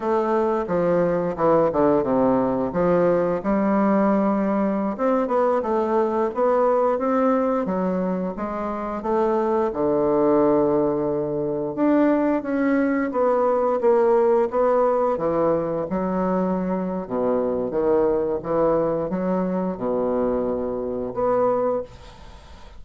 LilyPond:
\new Staff \with { instrumentName = "bassoon" } { \time 4/4 \tempo 4 = 88 a4 f4 e8 d8 c4 | f4 g2~ g16 c'8 b16~ | b16 a4 b4 c'4 fis8.~ | fis16 gis4 a4 d4.~ d16~ |
d4~ d16 d'4 cis'4 b8.~ | b16 ais4 b4 e4 fis8.~ | fis4 b,4 dis4 e4 | fis4 b,2 b4 | }